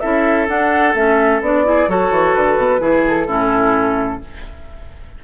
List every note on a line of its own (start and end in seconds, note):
0.00 0.48 C#4
0.00 0.48 E4
0.00 1.64 A4
0.00 0.47 E5
0.48 0.94 D4
0.48 0.95 F#5
0.94 1.41 A3
0.94 1.42 C#4
0.94 1.42 E5
1.41 1.88 B3
1.41 1.65 D4
1.41 1.90 D5
1.65 1.88 E4
1.65 1.89 G#4
1.88 2.10 F#3
1.88 2.79 F#4
1.88 2.81 A4
1.88 2.34 C#5
2.10 2.34 E3
2.34 2.57 D3
2.34 3.04 B4
2.57 2.81 B2
2.79 3.27 E3
2.79 3.26 E4
2.79 3.27 G#4
3.08 4.24 A4
3.27 4.20 A2
3.27 4.20 C#4
3.27 4.20 E4